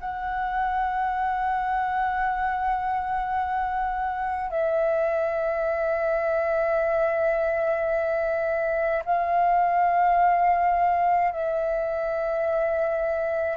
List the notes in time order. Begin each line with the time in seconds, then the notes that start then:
0.00 F#5
4.50 E5
9.05 F5
11.32 E5